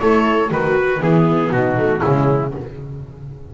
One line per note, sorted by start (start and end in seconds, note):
0.00 0.51 A3
0.00 0.51 E4
0.00 0.50 A4
0.00 0.50 C#5
0.50 1.00 D#3
0.50 1.00 F#4
0.50 1.02 F#4
0.50 1.03 B4
1.00 1.51 E3
1.00 1.76 B3
1.00 1.53 E4
1.00 1.52 G#4
1.51 2.02 B2
1.51 2.01 D#4
1.51 2.01 F#4
1.78 2.01 A3
2.01 2.54 C#3
2.01 2.51 G#3
2.01 2.51 C#4
2.01 2.52 E4